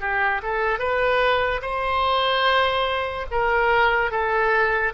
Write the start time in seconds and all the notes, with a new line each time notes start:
0.00 G4
0.42 A4
0.78 B4
1.61 C5
3.30 A#4
4.11 A4